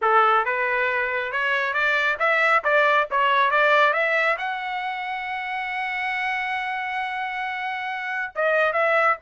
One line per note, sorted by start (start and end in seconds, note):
0.01 0.45 A4
0.45 1.31 B4
1.31 1.73 C#5
1.73 2.17 D5
2.19 2.63 E5
2.64 3.08 D5
3.10 3.51 C#5
3.51 3.93 D5
3.93 4.37 E5
4.38 8.32 F#5
8.35 8.73 D#5
8.73 9.16 E5